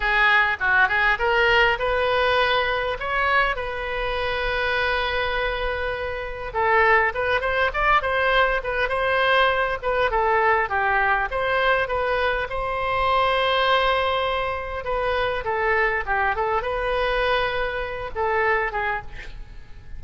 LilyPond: \new Staff \with { instrumentName = "oboe" } { \time 4/4 \tempo 4 = 101 gis'4 fis'8 gis'8 ais'4 b'4~ | b'4 cis''4 b'2~ | b'2. a'4 | b'8 c''8 d''8 c''4 b'8 c''4~ |
c''8 b'8 a'4 g'4 c''4 | b'4 c''2.~ | c''4 b'4 a'4 g'8 a'8 | b'2~ b'8 a'4 gis'8 | }